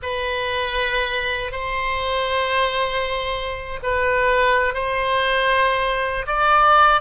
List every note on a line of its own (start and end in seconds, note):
0.02 1.51 B4
1.51 3.79 C5
3.83 4.74 B4
4.74 6.26 C5
6.27 7.01 D5